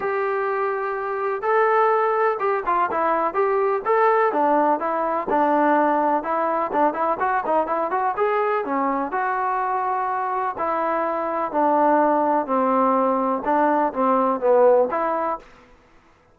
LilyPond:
\new Staff \with { instrumentName = "trombone" } { \time 4/4 \tempo 4 = 125 g'2. a'4~ | a'4 g'8 f'8 e'4 g'4 | a'4 d'4 e'4 d'4~ | d'4 e'4 d'8 e'8 fis'8 dis'8 |
e'8 fis'8 gis'4 cis'4 fis'4~ | fis'2 e'2 | d'2 c'2 | d'4 c'4 b4 e'4 | }